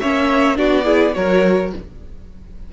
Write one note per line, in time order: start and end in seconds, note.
0.00 0.59 A#3
0.00 0.55 C#4
0.00 0.58 C#5
0.00 0.57 E5
0.55 1.16 B3
0.55 0.84 D4
0.55 0.85 F#4
0.55 1.14 D5
0.84 1.13 E4
0.84 1.13 G#4
1.14 1.73 F#3
1.14 1.72 F#4
1.14 1.73 A#4
1.14 1.72 C#5